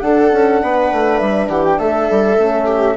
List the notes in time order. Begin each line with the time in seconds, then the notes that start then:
0.00 D4 A4 F#5
0.31 C#4
0.62 B3 B4
0.92 A3
1.18 G3 E5
1.48 E3 G4 F#5
1.64 G5
1.78 A3 A4 E5
2.10 G3
2.37 A3 C#4
2.66 G4